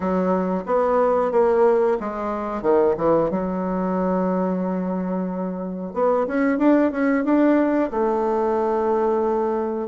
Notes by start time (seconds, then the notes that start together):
0.00 F#3
0.66 B3
1.31 A#3
2.00 G#3
2.62 D#3
2.97 E3
3.30 F#3
5.93 B3
6.27 C#4
6.58 D4
6.91 C#4
7.24 D4
7.91 A3